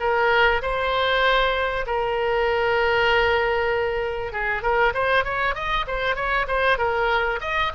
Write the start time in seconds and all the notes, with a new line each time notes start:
0.00 A#4
0.62 C5
1.87 A#4
4.33 G#4
4.63 A#4
4.94 C5
5.25 C#5
5.55 D#5
5.87 C5
6.16 C#5
6.48 C5
6.78 A#4
7.41 D#5